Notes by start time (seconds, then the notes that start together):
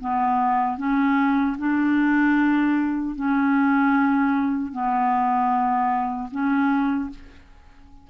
0.00 B3
0.78 C#4
1.59 D4
3.15 C#4
4.72 B3
6.31 C#4